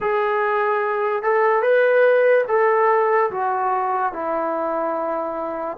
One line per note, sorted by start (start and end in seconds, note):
0.00 1.23 G#4
1.23 1.62 A4
1.62 2.44 B4
2.48 3.30 A4
3.30 4.12 F#4
4.12 5.77 E4